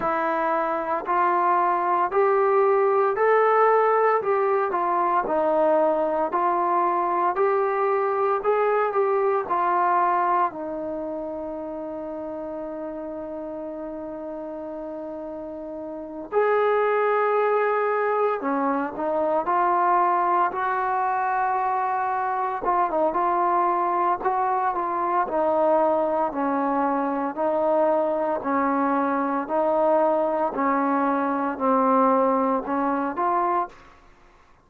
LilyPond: \new Staff \with { instrumentName = "trombone" } { \time 4/4 \tempo 4 = 57 e'4 f'4 g'4 a'4 | g'8 f'8 dis'4 f'4 g'4 | gis'8 g'8 f'4 dis'2~ | dis'2.~ dis'8 gis'8~ |
gis'4. cis'8 dis'8 f'4 fis'8~ | fis'4. f'16 dis'16 f'4 fis'8 f'8 | dis'4 cis'4 dis'4 cis'4 | dis'4 cis'4 c'4 cis'8 f'8 | }